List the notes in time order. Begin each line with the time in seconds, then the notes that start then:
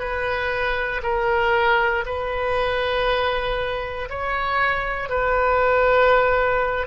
0.00 B4
1.03 A#4
2.06 B4
4.10 C#5
5.09 B4